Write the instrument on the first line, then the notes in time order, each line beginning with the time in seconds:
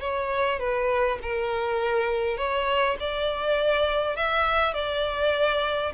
violin
0.00 C#5
0.59 B4
1.22 A#4
2.37 C#5
2.99 D5
4.16 E5
4.73 D5